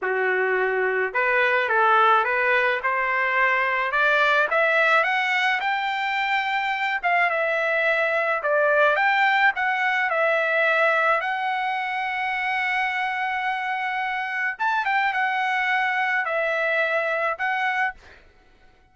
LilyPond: \new Staff \with { instrumentName = "trumpet" } { \time 4/4 \tempo 4 = 107 fis'2 b'4 a'4 | b'4 c''2 d''4 | e''4 fis''4 g''2~ | g''8 f''8 e''2 d''4 |
g''4 fis''4 e''2 | fis''1~ | fis''2 a''8 g''8 fis''4~ | fis''4 e''2 fis''4 | }